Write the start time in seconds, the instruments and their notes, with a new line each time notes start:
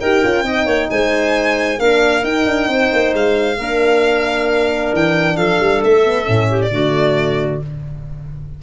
0.00 tuba D#4, horn G4, clarinet A#4, violin G5
0.23 tuba C#4, horn F4
0.43 tuba C4, horn D#4, clarinet D#5
0.65 tuba A#3, clarinet C#5
0.90 tuba G#3, clarinet C5, violin G#5
1.79 tuba A#3, horn D4, clarinet A#4, violin F5
2.23 tuba D#4, horn D#4, violin G5
2.46 tuba D4
2.68 tuba C4, clarinet C5
2.93 tuba A#3
3.14 tuba G#3, violin F5
3.58 tuba A#3, horn D4, clarinet A#4
4.93 tuba E3, violin G5
5.37 tuba F3, clarinet A4, violin F5
5.60 tuba G3
5.84 tuba A3, violin E5
6.05 horn B3
6.24 tuba A2, horn C#4
6.49 clarinet G4
6.62 violin D5
6.71 tuba D3, horn A3, clarinet F#4